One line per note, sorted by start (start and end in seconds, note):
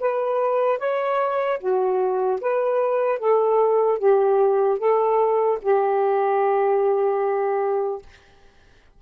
0.00 0.78 B4
0.78 1.58 C#5
1.59 2.39 F#4
2.41 3.19 B4
3.19 3.99 A4
3.99 4.79 G4
4.79 5.59 A4
5.62 8.02 G4